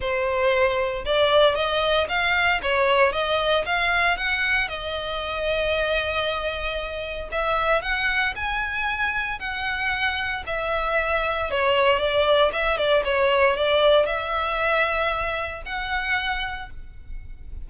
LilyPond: \new Staff \with { instrumentName = "violin" } { \time 4/4 \tempo 4 = 115 c''2 d''4 dis''4 | f''4 cis''4 dis''4 f''4 | fis''4 dis''2.~ | dis''2 e''4 fis''4 |
gis''2 fis''2 | e''2 cis''4 d''4 | e''8 d''8 cis''4 d''4 e''4~ | e''2 fis''2 | }